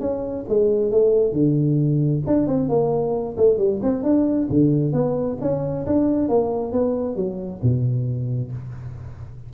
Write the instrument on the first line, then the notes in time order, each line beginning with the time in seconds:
tuba
0.00 C#4
0.48 G#3
0.91 A3
1.32 D3
2.26 D4
2.47 C4
2.69 A#3
3.37 A3
3.57 G3
3.82 C4
4.03 D4
4.49 D3
4.93 B3
5.41 C#4
5.86 D4
6.28 A#3
6.72 B3
7.16 F#3
7.62 B2